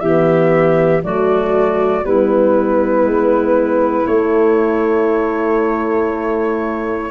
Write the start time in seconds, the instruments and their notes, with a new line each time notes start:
0.00 tuba E3, horn B3, clarinet G4, flute E5
1.03 tuba F#3, horn A3, clarinet F#4, flute D5
2.04 tuba G3, horn B3, clarinet E4, flute B4
3.04 tuba G#3
4.07 horn A3, tuba A3, flute C#5